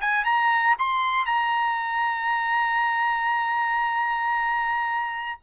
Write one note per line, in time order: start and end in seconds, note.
0.00 0.24 G#5
0.24 0.76 A#5
0.78 1.25 C6
1.25 5.39 A#5